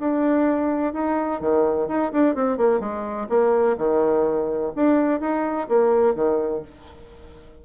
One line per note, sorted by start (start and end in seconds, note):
0.00 0.94 D4
0.94 1.41 D#4
1.41 1.88 D#3
1.88 2.12 D#4
2.12 2.35 D4
2.35 2.58 C4
2.58 2.80 A#3
2.80 3.28 G#3
3.29 3.77 A#3
3.78 4.73 D#3
4.76 5.20 D4
5.20 5.68 D#4
5.69 6.15 A#3
6.15 6.62 D#3